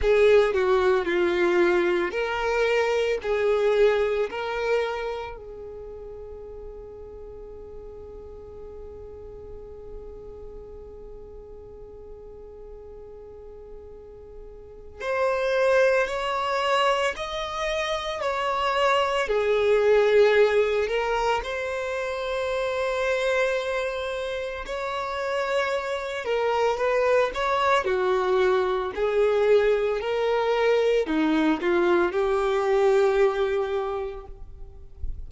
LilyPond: \new Staff \with { instrumentName = "violin" } { \time 4/4 \tempo 4 = 56 gis'8 fis'8 f'4 ais'4 gis'4 | ais'4 gis'2.~ | gis'1~ | gis'2 c''4 cis''4 |
dis''4 cis''4 gis'4. ais'8 | c''2. cis''4~ | cis''8 ais'8 b'8 cis''8 fis'4 gis'4 | ais'4 dis'8 f'8 g'2 | }